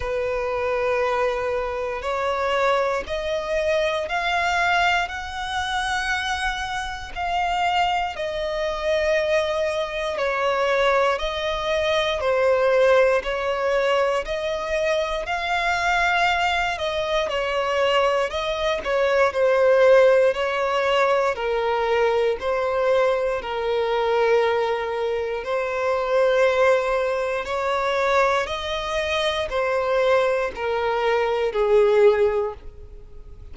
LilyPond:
\new Staff \with { instrumentName = "violin" } { \time 4/4 \tempo 4 = 59 b'2 cis''4 dis''4 | f''4 fis''2 f''4 | dis''2 cis''4 dis''4 | c''4 cis''4 dis''4 f''4~ |
f''8 dis''8 cis''4 dis''8 cis''8 c''4 | cis''4 ais'4 c''4 ais'4~ | ais'4 c''2 cis''4 | dis''4 c''4 ais'4 gis'4 | }